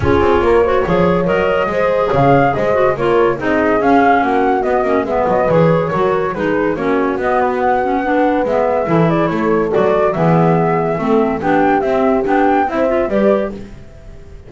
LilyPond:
<<
  \new Staff \with { instrumentName = "flute" } { \time 4/4 \tempo 4 = 142 cis''2. dis''4~ | dis''4 f''4 dis''4 cis''4 | dis''4 f''4 fis''4 dis''4 | e''8 dis''8 cis''2 b'4 |
cis''4 dis''8 b'8 fis''2 | e''4. d''8 cis''4 d''4 | e''2. g''4 | e''4 g''4 e''4 d''4 | }
  \new Staff \with { instrumentName = "horn" } { \time 4/4 gis'4 ais'8 c''8 cis''2 | c''4 cis''4 c''4 ais'4 | gis'2 fis'2 | b'2 ais'4 gis'4 |
fis'2. b'4~ | b'4 a'8 gis'8 a'2 | gis'2 a'4 g'4~ | g'2 c''4 b'4 | }
  \new Staff \with { instrumentName = "clarinet" } { \time 4/4 f'4. fis'8 gis'4 ais'4 | gis'2~ gis'8 fis'8 f'4 | dis'4 cis'2 b8 cis'8 | b4 gis'4 fis'4 dis'4 |
cis'4 b4. cis'8 d'4 | b4 e'2 fis'4 | b2 c'4 d'4 | c'4 d'4 e'8 f'8 g'4 | }
  \new Staff \with { instrumentName = "double bass" } { \time 4/4 cis'8 c'8 ais4 f4 fis4 | gis4 cis4 gis4 ais4 | c'4 cis'4 ais4 b8 ais8 | gis8 fis8 e4 fis4 gis4 |
ais4 b2. | gis4 e4 a4 fis4 | e2 a4 b4 | c'4 b4 c'4 g4 | }
>>